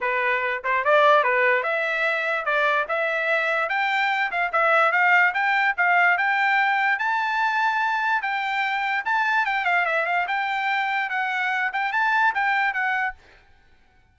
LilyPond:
\new Staff \with { instrumentName = "trumpet" } { \time 4/4 \tempo 4 = 146 b'4. c''8 d''4 b'4 | e''2 d''4 e''4~ | e''4 g''4. f''8 e''4 | f''4 g''4 f''4 g''4~ |
g''4 a''2. | g''2 a''4 g''8 f''8 | e''8 f''8 g''2 fis''4~ | fis''8 g''8 a''4 g''4 fis''4 | }